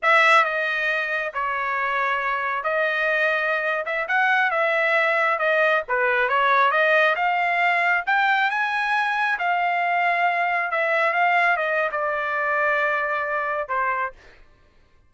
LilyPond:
\new Staff \with { instrumentName = "trumpet" } { \time 4/4 \tempo 4 = 136 e''4 dis''2 cis''4~ | cis''2 dis''2~ | dis''8. e''8 fis''4 e''4.~ e''16~ | e''16 dis''4 b'4 cis''4 dis''8.~ |
dis''16 f''2 g''4 gis''8.~ | gis''4~ gis''16 f''2~ f''8.~ | f''16 e''4 f''4 dis''8. d''4~ | d''2. c''4 | }